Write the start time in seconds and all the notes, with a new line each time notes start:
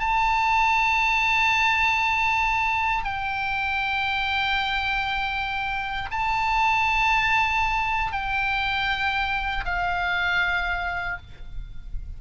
0.00 A5
3.04 G5
6.12 A5
8.13 G5
9.65 F5